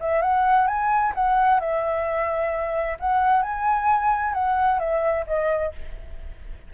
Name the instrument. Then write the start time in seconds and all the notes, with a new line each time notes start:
flute
0.00 E5
0.21 F#5
0.67 G#5
1.15 F#5
1.60 E5
3.00 F#5
3.42 G#5
4.34 F#5
4.79 E5
5.27 D#5